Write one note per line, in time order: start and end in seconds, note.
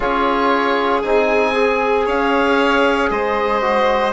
0.00 1.03 C#4
0.00 1.03 F4
0.00 2.05 G#4
0.00 1.02 C#5
1.02 2.07 C4
1.02 1.54 D#4
1.02 2.05 G#5
1.54 3.61 G#4
2.05 3.10 C#4
2.05 3.09 C#5
2.05 3.10 F5
3.10 4.13 G#3
3.10 4.13 C5
3.10 4.13 D#5
3.61 4.13 F#4